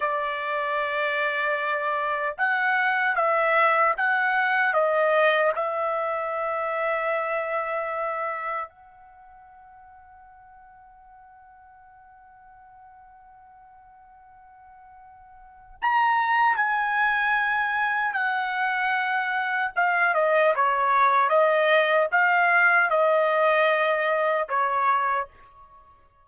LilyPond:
\new Staff \with { instrumentName = "trumpet" } { \time 4/4 \tempo 4 = 76 d''2. fis''4 | e''4 fis''4 dis''4 e''4~ | e''2. fis''4~ | fis''1~ |
fis''1 | ais''4 gis''2 fis''4~ | fis''4 f''8 dis''8 cis''4 dis''4 | f''4 dis''2 cis''4 | }